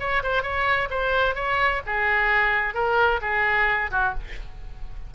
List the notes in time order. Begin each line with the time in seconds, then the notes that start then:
0.00 C#5
0.23 C5
0.43 C#5
0.91 C5
1.36 C#5
1.87 G#4
2.74 A#4
3.22 G#4
3.91 F#4